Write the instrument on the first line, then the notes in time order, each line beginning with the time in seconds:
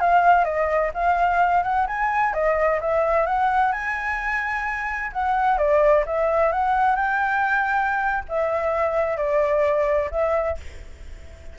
flute
0.00 F5
0.44 D#5
0.93 F5
1.63 F#5
1.87 G#5
2.33 D#5
2.81 E5
3.26 F#5
3.72 G#5
5.12 F#5
5.58 D5
6.06 E5
6.52 F#5
6.96 G5
8.28 E5
9.17 D5
10.11 E5